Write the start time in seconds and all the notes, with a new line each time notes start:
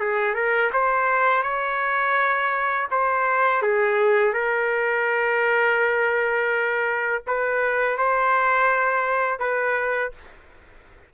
0.00 G#4
0.35 A#4
0.74 C5
1.44 C#5
2.91 C5
3.62 G#4
4.34 A#4
7.27 B4
7.98 C5
9.40 B4